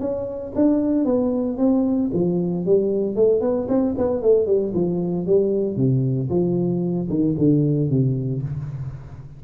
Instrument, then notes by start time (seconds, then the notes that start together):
tuba
0.00 C#4
0.55 D4
1.05 B3
1.58 C4
2.13 F3
2.66 G3
3.16 A3
3.41 B3
3.68 C4
3.98 B3
4.22 A3
4.46 G3
4.74 F3
5.26 G3
5.77 C3
6.29 F3
7.09 D#3
7.38 D3
7.89 C3